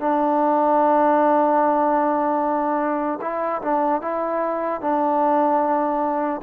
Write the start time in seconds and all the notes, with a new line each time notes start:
0.00 D4
3.22 E4
3.62 D4
4.02 E4
4.81 D4